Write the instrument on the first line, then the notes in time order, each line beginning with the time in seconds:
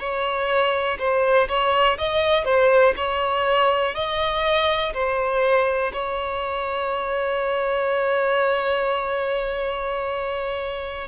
violin
0.00 C#5
0.99 C5
1.48 C#5
1.99 D#5
2.45 C5
2.97 C#5
3.95 D#5
4.94 C5
5.93 C#5